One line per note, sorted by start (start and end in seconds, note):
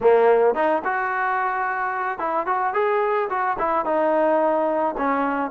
0.01 0.55 A#3
0.55 0.82 D#4
0.84 2.18 F#4
2.18 2.46 E4
2.46 2.73 F#4
2.73 3.28 G#4
3.29 3.57 F#4
3.59 3.85 E4
3.85 4.95 D#4
4.97 5.50 C#4